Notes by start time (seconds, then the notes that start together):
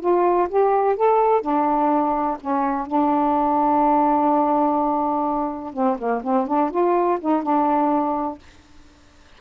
0.00 F4
0.49 G4
0.96 A4
1.41 D4
2.40 C#4
2.86 D4
5.73 C4
5.98 A#3
6.23 C4
6.47 D4
6.70 F4
7.20 D#4
7.42 D4